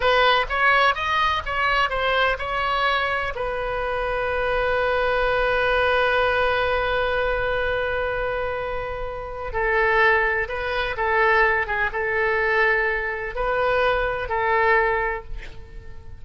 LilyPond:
\new Staff \with { instrumentName = "oboe" } { \time 4/4 \tempo 4 = 126 b'4 cis''4 dis''4 cis''4 | c''4 cis''2 b'4~ | b'1~ | b'1~ |
b'1 | a'2 b'4 a'4~ | a'8 gis'8 a'2. | b'2 a'2 | }